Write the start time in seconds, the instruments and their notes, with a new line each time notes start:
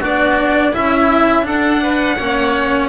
0.00 double bass B3, cello D4, oboe F#4, violin D5
0.73 double bass C#4, cello E4, oboe E4, violin E5
1.43 cello D4, double bass D4, oboe A4, violin F#5
1.83 oboe B4
2.17 double bass A#3, cello C#4, oboe C#5